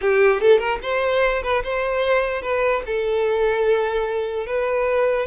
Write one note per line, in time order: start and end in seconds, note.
0.01 0.40 G4
0.40 0.58 A4
0.58 0.79 A#4
0.82 1.42 C5
1.42 1.63 B4
1.63 2.42 C5
2.42 2.82 B4
2.85 4.46 A4
4.46 5.26 B4